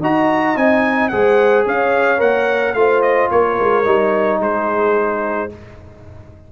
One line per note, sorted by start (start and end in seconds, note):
0.00 0.56 D#4
0.00 0.56 F#4
0.00 1.10 D#5
0.00 0.57 A#5
0.56 1.12 C4
0.56 1.11 D#4
0.56 1.09 G#5
1.09 1.67 G#3
1.09 2.19 G#4
1.09 1.66 C5
1.09 1.64 F#5
1.66 2.21 C#4
1.66 2.76 C#5
1.66 2.21 F5
2.19 2.74 A#3
2.19 2.74 A#4
2.19 2.74 F#5
2.74 3.29 A3
2.74 3.85 F4
2.74 3.32 C5
2.74 3.02 F5
3.02 3.30 D#5
3.32 3.60 A#3
3.32 4.41 A#4
3.32 4.42 C#5
3.60 3.86 G#3
3.85 4.40 G3
3.85 5.50 D#4
4.40 5.50 G#3
4.40 5.51 G#4
4.40 5.53 C5